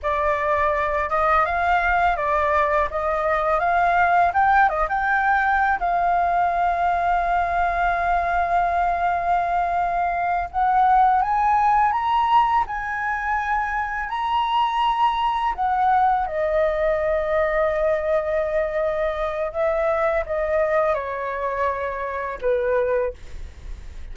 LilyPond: \new Staff \with { instrumentName = "flute" } { \time 4/4 \tempo 4 = 83 d''4. dis''8 f''4 d''4 | dis''4 f''4 g''8 dis''16 g''4~ g''16 | f''1~ | f''2~ f''8 fis''4 gis''8~ |
gis''8 ais''4 gis''2 ais''8~ | ais''4. fis''4 dis''4.~ | dis''2. e''4 | dis''4 cis''2 b'4 | }